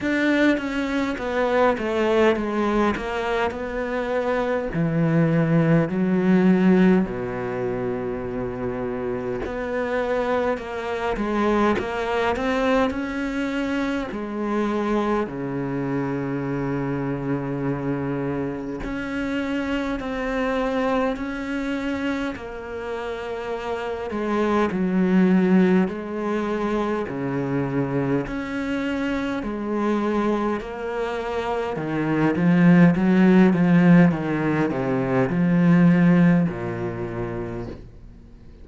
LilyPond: \new Staff \with { instrumentName = "cello" } { \time 4/4 \tempo 4 = 51 d'8 cis'8 b8 a8 gis8 ais8 b4 | e4 fis4 b,2 | b4 ais8 gis8 ais8 c'8 cis'4 | gis4 cis2. |
cis'4 c'4 cis'4 ais4~ | ais8 gis8 fis4 gis4 cis4 | cis'4 gis4 ais4 dis8 f8 | fis8 f8 dis8 c8 f4 ais,4 | }